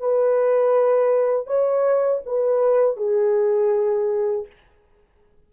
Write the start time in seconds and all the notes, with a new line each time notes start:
0.00 B4
1.47 C#5
2.26 B4
2.97 G#4